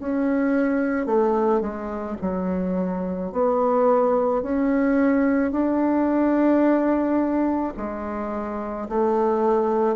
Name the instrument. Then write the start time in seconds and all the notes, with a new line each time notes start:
bassoon
0.00 C#4
1.06 A3
1.61 G#3
2.22 F#3
3.32 B3
4.42 C#4
5.52 D4
7.77 G#3
8.89 A3